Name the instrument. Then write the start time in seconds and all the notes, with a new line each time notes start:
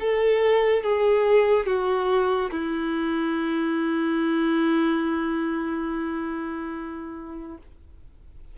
violin
0.00 A4
0.83 G#4
1.66 F#4
2.51 E4